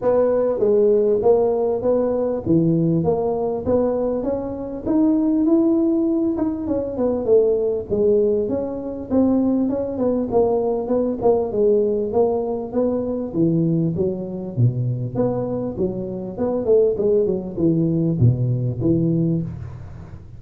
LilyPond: \new Staff \with { instrumentName = "tuba" } { \time 4/4 \tempo 4 = 99 b4 gis4 ais4 b4 | e4 ais4 b4 cis'4 | dis'4 e'4. dis'8 cis'8 b8 | a4 gis4 cis'4 c'4 |
cis'8 b8 ais4 b8 ais8 gis4 | ais4 b4 e4 fis4 | b,4 b4 fis4 b8 a8 | gis8 fis8 e4 b,4 e4 | }